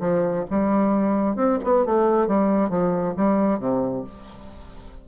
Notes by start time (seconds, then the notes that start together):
0.00 F3
0.50 G3
1.36 C4
1.64 B3
1.86 A3
2.27 G3
2.69 F3
3.16 G3
3.59 C3